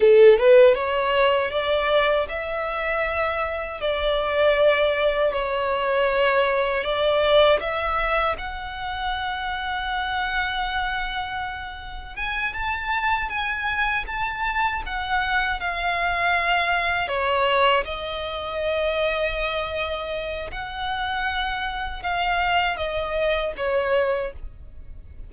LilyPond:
\new Staff \with { instrumentName = "violin" } { \time 4/4 \tempo 4 = 79 a'8 b'8 cis''4 d''4 e''4~ | e''4 d''2 cis''4~ | cis''4 d''4 e''4 fis''4~ | fis''1 |
gis''8 a''4 gis''4 a''4 fis''8~ | fis''8 f''2 cis''4 dis''8~ | dis''2. fis''4~ | fis''4 f''4 dis''4 cis''4 | }